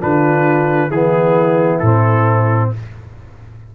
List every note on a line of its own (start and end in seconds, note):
0.00 0.89 D3
0.00 0.91 D4
0.00 0.90 F4
0.00 0.91 B4
0.89 1.80 E3
0.89 1.84 B3
0.89 2.72 E4
0.89 1.79 G#4
1.79 2.73 A2
1.79 2.75 C4
1.79 2.70 A4